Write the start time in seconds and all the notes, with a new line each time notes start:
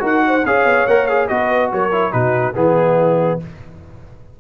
0.00 D#4 F#4 A#4 F#5
0.27 C5
0.45 C#4 G#4 C#5 F5
0.65 B3
0.87 A#3 A#4 F#5
1.07 G#4 F5
1.28 B3 F#4 B4 D#5
1.73 F#3 A#4 C#5
1.92 E4
2.12 B2 D#4 F#4 B4
2.55 E3 B3 E4 G#4